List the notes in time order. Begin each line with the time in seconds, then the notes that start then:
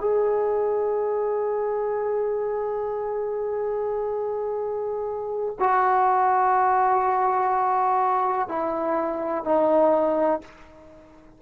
0.00 G#4
5.59 F#4
8.49 E4
9.44 D#4